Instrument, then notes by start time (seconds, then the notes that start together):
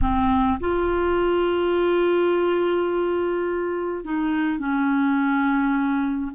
clarinet
0.01 C4
0.60 F4
4.04 D#4
4.58 C#4